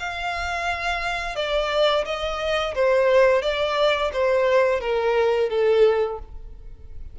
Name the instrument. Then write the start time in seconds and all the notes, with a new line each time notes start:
violin
0.00 F5
1.36 D5
2.06 D#5
2.75 C5
3.42 D5
4.13 C5
4.81 A#4
5.50 A4